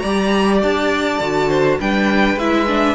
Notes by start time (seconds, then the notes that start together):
0.00 G3 G4 D5 A#5
0.63 D4 A5
1.20 D3 F#4
1.49 C5
1.80 G3 D4 B4 G5
2.36 G#3 E4 E5
2.68 D4